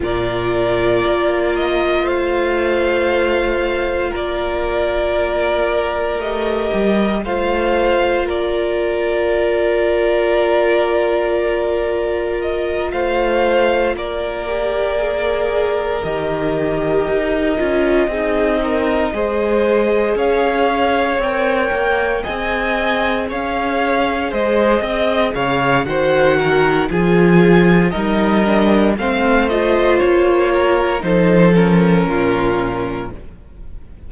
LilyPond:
<<
  \new Staff \with { instrumentName = "violin" } { \time 4/4 \tempo 4 = 58 d''4. dis''8 f''2 | d''2 dis''4 f''4 | d''1 | dis''8 f''4 d''2 dis''8~ |
dis''2.~ dis''8 f''8~ | f''8 g''4 gis''4 f''4 dis''8~ | dis''8 f''8 fis''4 gis''4 dis''4 | f''8 dis''8 cis''4 c''8 ais'4. | }
  \new Staff \with { instrumentName = "violin" } { \time 4/4 ais'2 c''2 | ais'2. c''4 | ais'1~ | ais'8 c''4 ais'2~ ais'8~ |
ais'4. gis'8 ais'8 c''4 cis''8~ | cis''4. dis''4 cis''4 c''8 | dis''8 cis''8 c''8 ais'8 gis'4 ais'4 | c''4. ais'8 a'4 f'4 | }
  \new Staff \with { instrumentName = "viola" } { \time 4/4 f'1~ | f'2 g'4 f'4~ | f'1~ | f'2 g'8 gis'4 g'8~ |
g'4 f'8 dis'4 gis'4.~ | gis'8 ais'4 gis'2~ gis'8~ | gis'4 fis'4 f'4 dis'8 d'8 | c'8 f'4. dis'8 cis'4. | }
  \new Staff \with { instrumentName = "cello" } { \time 4/4 ais,4 ais4 a2 | ais2 a8 g8 a4 | ais1~ | ais8 a4 ais2 dis8~ |
dis8 dis'8 cis'8 c'4 gis4 cis'8~ | cis'8 c'8 ais8 c'4 cis'4 gis8 | c'8 cis8 dis4 f4 g4 | a4 ais4 f4 ais,4 | }
>>